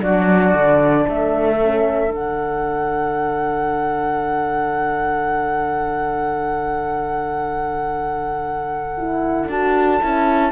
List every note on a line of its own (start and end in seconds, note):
0.00 0.54 F#3
0.00 1.58 D4
0.00 1.07 F#4
0.00 1.07 D5
0.54 1.06 D3
1.07 2.11 A3
1.07 10.52 A4
1.07 2.13 E5
1.62 2.08 C#4
2.08 9.48 D3
2.08 8.92 D4
2.14 9.50 F#5
8.97 9.50 E4
9.48 10.01 D4
9.48 10.01 F#4
9.48 10.52 A5
10.01 10.52 C#4
10.01 10.52 E4